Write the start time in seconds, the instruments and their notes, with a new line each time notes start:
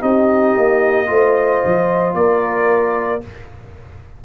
0.00 tuba C4, trombone D#4, horn G4, trumpet D#5
0.58 tuba A#3
1.07 tuba A3, trombone F4, horn C5
1.65 tuba F3
2.14 tuba A#3, horn A#4, trumpet D5